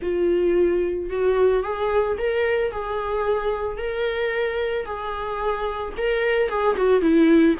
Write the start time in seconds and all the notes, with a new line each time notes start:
0.01 F4
1.10 F#4
1.63 G#4
2.17 A#4
2.71 G#4
3.77 A#4
4.85 G#4
5.97 A#4
6.49 G#4
6.76 F#4
7.01 E4